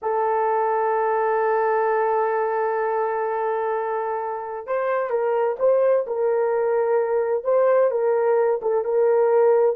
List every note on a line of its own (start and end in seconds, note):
0.02 4.67 A4
4.67 5.10 C5
5.10 5.56 A#4
5.59 6.05 C5
6.06 7.44 A#4
7.44 7.90 C5
7.90 8.60 A#4
8.62 8.84 A4
8.84 9.75 A#4